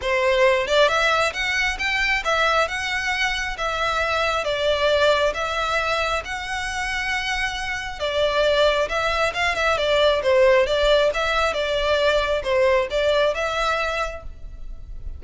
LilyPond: \new Staff \with { instrumentName = "violin" } { \time 4/4 \tempo 4 = 135 c''4. d''8 e''4 fis''4 | g''4 e''4 fis''2 | e''2 d''2 | e''2 fis''2~ |
fis''2 d''2 | e''4 f''8 e''8 d''4 c''4 | d''4 e''4 d''2 | c''4 d''4 e''2 | }